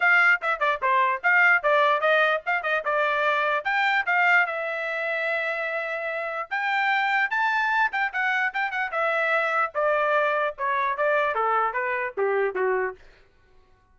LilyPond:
\new Staff \with { instrumentName = "trumpet" } { \time 4/4 \tempo 4 = 148 f''4 e''8 d''8 c''4 f''4 | d''4 dis''4 f''8 dis''8 d''4~ | d''4 g''4 f''4 e''4~ | e''1 |
g''2 a''4. g''8 | fis''4 g''8 fis''8 e''2 | d''2 cis''4 d''4 | a'4 b'4 g'4 fis'4 | }